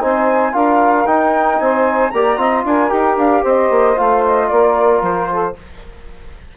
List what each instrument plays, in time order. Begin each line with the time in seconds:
0.00 bassoon C4, trombone D#4, saxophone C5, flute G#5
0.52 bassoon D4, trombone F4, saxophone A#4, flute F5
1.06 bassoon D#4, trombone D#4, flute G5
1.59 bassoon C4, saxophone C5, flute G#5
2.10 bassoon A#3, trombone G4, saxophone D5, flute A#5
2.37 bassoon C4, trombone F4, saxophone D#5
2.64 bassoon D4, saxophone A#4, flute G#5
2.89 bassoon D#4, trombone G4, flute G5
3.17 bassoon D4, flute F5
3.42 bassoon C4, saxophone C5, flute D#5
3.70 bassoon A#3
3.95 bassoon A3, trombone F4, flute F5
4.25 flute D#5
4.48 bassoon A#3, saxophone A#4, flute D5
5.01 bassoon F3, flute C5
5.30 saxophone A4